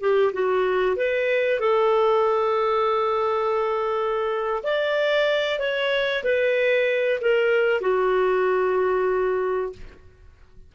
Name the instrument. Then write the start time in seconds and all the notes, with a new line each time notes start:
clarinet
0.00 G4
0.33 F#4
0.96 B4
1.60 A4
4.63 D5
5.59 C#5
6.24 B4
7.21 A#4
7.81 F#4